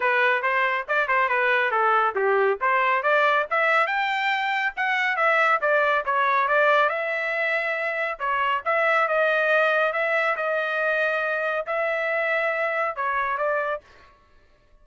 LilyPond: \new Staff \with { instrumentName = "trumpet" } { \time 4/4 \tempo 4 = 139 b'4 c''4 d''8 c''8 b'4 | a'4 g'4 c''4 d''4 | e''4 g''2 fis''4 | e''4 d''4 cis''4 d''4 |
e''2. cis''4 | e''4 dis''2 e''4 | dis''2. e''4~ | e''2 cis''4 d''4 | }